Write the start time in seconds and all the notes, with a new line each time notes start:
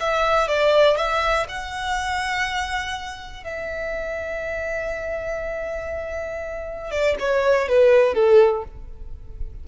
0.00 E5
0.48 D5
0.97 E5
1.49 F#5
3.44 E5
6.92 D5
7.20 C#5
7.69 B4
8.14 A4